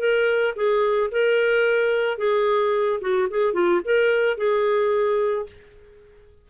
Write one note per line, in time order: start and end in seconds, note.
0.00 0.55 A#4
0.56 1.11 G#4
1.12 2.18 A#4
2.18 3.00 G#4
3.01 3.29 F#4
3.30 3.54 G#4
3.54 3.81 F4
3.85 4.38 A#4
4.38 5.47 G#4